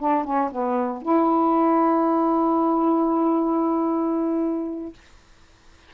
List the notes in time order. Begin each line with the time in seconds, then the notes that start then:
0.00 D4
0.25 C#4
0.52 B3
1.03 E4